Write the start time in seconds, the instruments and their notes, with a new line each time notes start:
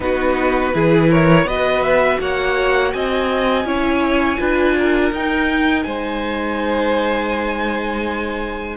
0.00 cello B3, viola D#4, violin F#4 B4
0.73 cello E3, viola E4, violin G#4
1.09 violin A#4 C#5
1.44 cello B3, viola F#4, violin B4 D#5
1.82 violin E5
2.20 cello A#3, violin C#5 F#5
2.92 cello C4, violin D#5 G#5
3.64 cello C#4, viola E4, violin C#5
4.38 cello D4, viola F4, violin B4
4.78 violin A#4
5.12 cello D#4, viola D#4, violin G5
5.83 cello G#3, violin C5 G#5